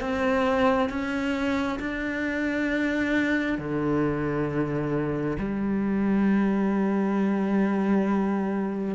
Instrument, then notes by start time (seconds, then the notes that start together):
cello
0.00 C4
0.90 C#4
1.80 D4
3.58 D3
5.39 G3